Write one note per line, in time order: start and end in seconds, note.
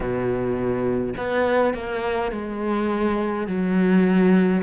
0.00 1.13 B2
1.17 1.74 B3
1.74 2.31 A#3
2.31 3.47 G#3
3.47 4.62 F#3